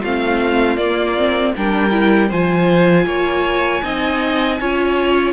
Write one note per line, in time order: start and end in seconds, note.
0.00 0.77 A3
0.00 0.77 C4
0.00 1.52 F4
0.00 0.76 F5
0.76 1.53 A#3
0.76 1.15 A#3
0.76 1.52 D5
1.17 1.55 C4
1.56 2.31 G3
1.56 1.90 D4
1.56 2.28 A#4
1.56 2.31 G5
1.90 2.28 E4
2.28 3.05 F3
2.28 3.82 F4
2.28 3.04 C5
2.28 5.33 G#5
3.05 3.81 A#3
3.05 3.83 C#5
3.82 4.59 C4
3.82 4.58 D#4
3.82 4.59 D#5
4.60 5.33 C#4
4.60 5.33 F4
4.60 5.33 C#5